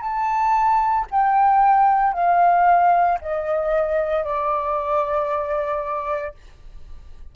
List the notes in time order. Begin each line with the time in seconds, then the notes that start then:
0.00 A5
1.11 G5
2.13 F5
3.21 D#5
4.23 D5